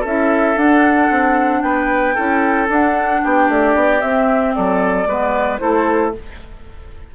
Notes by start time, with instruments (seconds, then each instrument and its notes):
0.00 bassoon C#4, oboe A4, flute E5
0.06 clarinet E4
0.57 bassoon D4, clarinet D4, flute F#5
1.10 bassoon C4
1.62 bassoon B3, oboe B4, flute G5
2.15 bassoon C#4, clarinet E4, oboe A4
2.68 clarinet D4, bassoon D4, flute F#5
3.23 bassoon B3, oboe G4, flute G5
3.49 bassoon A3, flute D5
3.75 bassoon B3
4.00 clarinet C4, bassoon C4, flute E5
4.55 bassoon F#3, oboe A4, flute D5
5.07 bassoon G#3, clarinet B3, oboe B4
5.59 bassoon A3, clarinet E4, oboe A4, flute C5